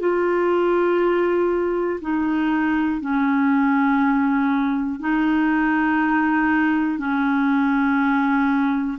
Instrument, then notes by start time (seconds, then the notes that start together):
clarinet
0.00 F4
2.01 D#4
3.01 C#4
5.00 D#4
6.99 C#4